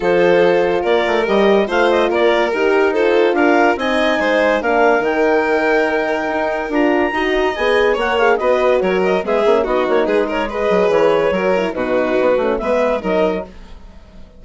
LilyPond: <<
  \new Staff \with { instrumentName = "clarinet" } { \time 4/4 \tempo 4 = 143 c''2 d''4 dis''4 | f''8 dis''8 d''4 ais'4 c''4 | f''4 gis''2 f''4 | g''1 |
ais''2 gis''4 fis''8 f''8 | dis''4 cis''8 dis''8 e''4 dis''8 cis''8 | b'8 cis''8 dis''4 cis''2 | b'2 e''4 dis''4 | }
  \new Staff \with { instrumentName = "violin" } { \time 4/4 a'2 ais'2 | c''4 ais'2 a'4 | ais'4 dis''4 c''4 ais'4~ | ais'1~ |
ais'4 dis''2 cis''4 | b'4 ais'4 gis'4 fis'4 | gis'8 ais'8 b'2 ais'4 | fis'2 b'4 ais'4 | }
  \new Staff \with { instrumentName = "horn" } { \time 4/4 f'2. g'4 | f'2 g'4 f'4~ | f'4 dis'2 d'4 | dis'1 |
f'4 fis'4 gis'4 ais'8 gis'8 | fis'2 b8 cis'8 dis'4~ | dis'4 gis'2 fis'8 e'8 | dis'4. cis'8 b4 dis'4 | }
  \new Staff \with { instrumentName = "bassoon" } { \time 4/4 f2 ais8 a8 g4 | a4 ais4 dis'2 | d'4 c'4 gis4 ais4 | dis2. dis'4 |
d'4 dis'4 b4 ais4 | b4 fis4 gis8 ais8 b8 ais8 | gis4. fis8 e4 fis4 | b,4 b8 a8 gis4 fis4 | }
>>